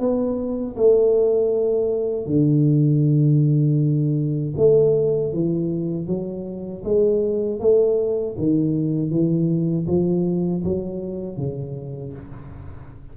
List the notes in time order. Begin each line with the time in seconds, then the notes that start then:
0.00 B3
0.76 A3
2.26 D3
4.57 A3
5.33 E3
6.07 F#3
6.84 G#3
7.60 A3
8.38 D#3
9.11 E3
9.87 F3
10.64 F#3
11.37 C#3